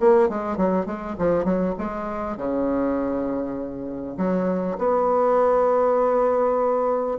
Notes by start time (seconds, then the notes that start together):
0.00 A#3
0.29 G#3
0.57 F#3
0.86 G#3
1.18 F3
1.45 F#3
1.78 G#3
2.37 C#3
4.17 F#3
4.78 B3